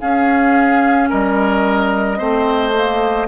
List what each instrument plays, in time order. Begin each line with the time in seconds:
0.00 clarinet C#4, bassoon C#4, oboe G#4, flute F5
1.10 bassoon G3, oboe A#4, flute D#5
2.18 bassoon A3, clarinet C4, oboe C5
2.74 clarinet A#3